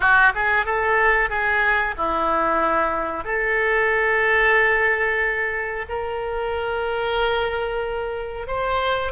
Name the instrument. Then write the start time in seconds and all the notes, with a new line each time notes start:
oboe
0.00 F#4
0.34 G#4
0.65 A4
1.29 G#4
1.97 E4
3.24 A4
5.89 A#4
8.47 C5